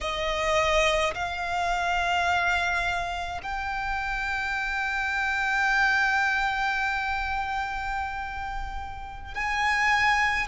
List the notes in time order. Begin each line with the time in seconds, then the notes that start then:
0.01 D#5
1.14 F5
3.42 G5
9.34 G#5